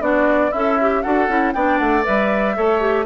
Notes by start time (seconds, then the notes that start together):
0.00 B3 D4 F#4 D5
0.50 C#4 E4 A4 E5
0.81 G4
1.02 D4 F#4 A4 F#5
1.28 C#4 E4
1.53 B3 D4 D5 G5
1.78 A3 F#5
2.03 G3 B4 E5
2.55 A3 A4 C#5
2.80 G4